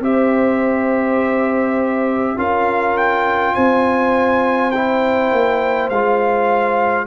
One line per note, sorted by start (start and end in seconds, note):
0.00 2.35 C4
0.00 2.37 G4
0.00 2.38 C5
0.00 2.39 E5
2.37 3.55 C#4
2.37 4.72 F4
2.37 3.54 A#4
2.37 2.97 F5
2.97 3.55 G5
3.54 5.32 C4
3.54 7.07 C5
3.54 4.71 G#5
4.71 5.92 E4
4.71 5.89 G5
5.32 5.89 A#3
5.89 7.07 G#3
5.89 7.07 F4
5.89 7.07 F5